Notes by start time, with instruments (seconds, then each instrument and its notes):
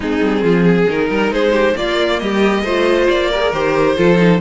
0.00 cello G#3, viola C4, violin D#4 G#4
0.20 cello G3
0.43 cello F3, violin F4
0.63 violin G#4
0.89 cello D#3, viola D#4, violin A#4
1.10 cello G3, violin A#4
1.31 cello G#3, violin G#4 C5
1.52 violin G4
1.75 cello A#3, viola A#3, violin F4 D5
2.19 cello G3, violin G4 D#5
2.63 cello A3, viola F4, violin C5
3.08 cello A#3, violin D5
3.30 viola G4, violin A#4
3.41 viola G#4
3.52 cello D#3, viola G4, violin C5
3.96 cello F3, viola F4, violin A4
4.16 viola D#4